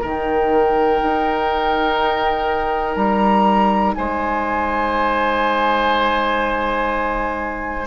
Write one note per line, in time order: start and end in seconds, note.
0.00 1.01 D#3
0.00 7.87 D#4
0.00 3.94 A#4
0.00 2.96 G5
1.02 2.96 D#4
2.96 3.94 G3
2.96 3.94 A#5
3.94 7.87 G#3
3.94 7.87 C5
3.94 7.87 G#5